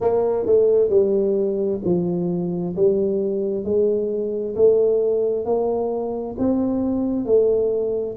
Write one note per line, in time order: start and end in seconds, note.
0.00 0.45 A#3
0.45 0.89 A3
0.89 1.80 G3
1.84 2.75 F3
2.76 3.64 G3
3.64 4.55 G#3
4.55 5.45 A3
5.45 6.36 A#3
6.38 7.25 C4
7.25 8.16 A3